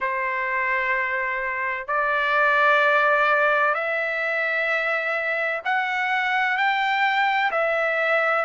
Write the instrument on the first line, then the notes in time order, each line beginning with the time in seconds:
trumpet
0.00 C5
1.87 D5
3.74 E5
5.64 F#5
6.57 G5
7.51 E5